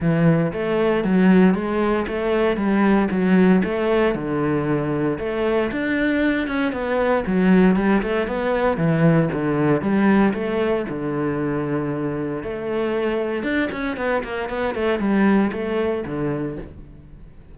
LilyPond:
\new Staff \with { instrumentName = "cello" } { \time 4/4 \tempo 4 = 116 e4 a4 fis4 gis4 | a4 g4 fis4 a4 | d2 a4 d'4~ | d'8 cis'8 b4 fis4 g8 a8 |
b4 e4 d4 g4 | a4 d2. | a2 d'8 cis'8 b8 ais8 | b8 a8 g4 a4 d4 | }